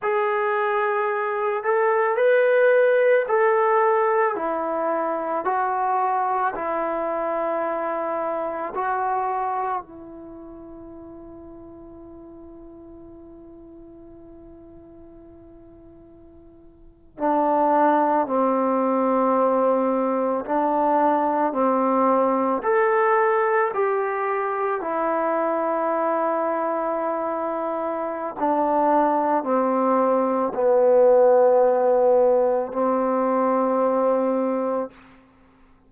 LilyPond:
\new Staff \with { instrumentName = "trombone" } { \time 4/4 \tempo 4 = 55 gis'4. a'8 b'4 a'4 | e'4 fis'4 e'2 | fis'4 e'2.~ | e'2.~ e'8. d'16~ |
d'8. c'2 d'4 c'16~ | c'8. a'4 g'4 e'4~ e'16~ | e'2 d'4 c'4 | b2 c'2 | }